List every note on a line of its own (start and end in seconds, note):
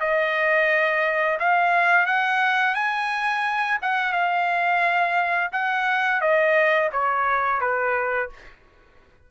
0.00 1.38 D#5
1.39 2.06 F5
2.06 2.75 F#5
2.75 3.78 G#5
3.82 4.13 F#5
4.13 5.50 F5
5.52 6.21 F#5
6.21 6.90 D#5
6.92 7.61 C#5
7.61 8.29 B4